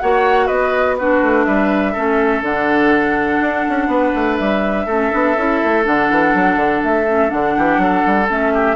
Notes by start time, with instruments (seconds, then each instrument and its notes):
0.00 bassoon A#3, clarinet F#4, oboe C#5, flute F#5
0.47 bassoon B3, oboe B4, flute D#5
0.98 clarinet D4, oboe F#4, flute B4
1.22 bassoon A3
1.45 bassoon G3, oboe B4, flute E5
1.93 bassoon A3, clarinet C#4, oboe A4
2.42 bassoon D3, clarinet D4, flute F#5
3.41 bassoon D4
3.70 bassoon C#4
3.87 bassoon B3, oboe B4
4.15 bassoon A3
4.37 bassoon G3, flute E5
4.86 bassoon A3, clarinet C#4, oboe A4
5.11 bassoon B3, clarinet D4
5.37 bassoon C#4, clarinet E4
5.64 bassoon A3
5.84 bassoon D3, clarinet D4, flute F#5
6.10 bassoon E3
6.34 bassoon F#3
6.57 bassoon D3
6.84 bassoon A3, flute E5
7.09 clarinet C#4
7.28 bassoon D3, clarinet D4, flute F#5
7.57 bassoon E3, oboe G4
7.78 bassoon F#3, oboe A4
8.07 bassoon G3
8.29 bassoon A3, clarinet C#4, flute E5
8.54 oboe G4